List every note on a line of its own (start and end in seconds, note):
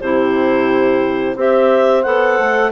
0.00 1.36 C3
0.00 1.37 E4
0.00 1.36 G4
0.00 1.37 C5
1.36 2.04 C4
1.36 2.04 G4
1.36 2.72 C5
1.36 2.03 E5
2.03 2.39 B3
2.03 2.72 A4
2.03 2.71 F#5
2.39 2.72 A3